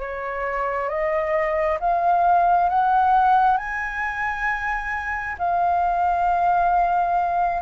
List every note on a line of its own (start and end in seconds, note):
0.00 0.90 C#5
0.90 1.79 D#5
1.81 2.70 F5
2.70 3.58 F#5
3.58 5.37 G#5
5.39 7.62 F5